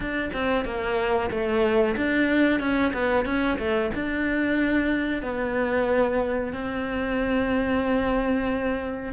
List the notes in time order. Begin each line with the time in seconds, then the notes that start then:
0.00 D4
0.33 C4
0.64 A#3
1.30 A3
1.96 D4
2.59 C#4
2.93 B3
3.25 C#4
3.58 A3
3.94 D4
5.22 B3
6.52 C4